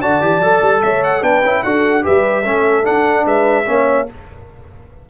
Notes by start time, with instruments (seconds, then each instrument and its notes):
0.00 tuba D3, trombone F#4, horn D5, trumpet A5
0.22 tuba E3, trombone G4
0.40 tuba F#3, trombone A4
0.62 tuba G3
0.83 tuba A3, horn C#5, trumpet E5
1.04 trumpet F#5
1.22 tuba B3, trombone D4, horn B4, trumpet G5
1.43 tuba C#4, trombone E4
1.64 tuba D4, trombone F#4, horn A4, trumpet F#5
2.03 tuba G3, trombone G4, horn B4, trumpet E5
2.45 tuba A3, trombone C#4, horn A4
2.84 trombone D4, tuba D4, trumpet F#5
3.26 tuba G#3, horn B4, trumpet E5
3.66 tuba A#3, trombone C#4, horn C#5